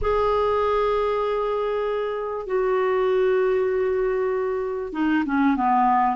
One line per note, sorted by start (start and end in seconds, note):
0.01 2.46 G#4
2.46 4.93 F#4
4.93 5.24 D#4
5.25 5.56 C#4
5.56 6.16 B3